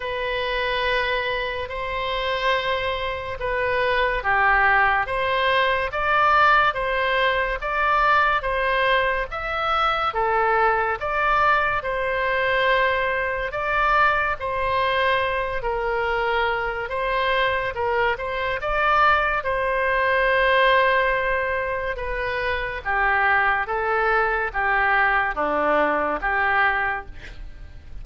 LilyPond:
\new Staff \with { instrumentName = "oboe" } { \time 4/4 \tempo 4 = 71 b'2 c''2 | b'4 g'4 c''4 d''4 | c''4 d''4 c''4 e''4 | a'4 d''4 c''2 |
d''4 c''4. ais'4. | c''4 ais'8 c''8 d''4 c''4~ | c''2 b'4 g'4 | a'4 g'4 d'4 g'4 | }